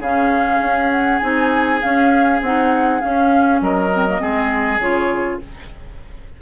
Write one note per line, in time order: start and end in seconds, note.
0.00 0.60 C#3
0.00 1.22 C#4
0.00 3.60 G#4
0.00 0.92 F5
0.61 1.21 C#4
0.92 1.19 F#5
1.19 1.83 C4
1.19 1.81 D#4
1.19 1.79 G#5
1.81 2.41 C#4
1.81 2.42 C#4
1.81 2.42 F5
2.42 3.02 C4
2.42 3.02 D#4
2.42 3.01 F#5
3.01 3.92 C#4
3.01 3.62 C#4
3.01 3.61 F5
3.62 4.22 F#3
3.62 4.22 A#4
3.62 4.80 D#5
3.93 4.08 C4
4.09 4.19 A#3
4.19 4.79 G#3
4.19 4.79 C4
4.19 5.42 G#4
4.79 5.39 C#3
4.79 5.41 F4
4.79 5.41 C#5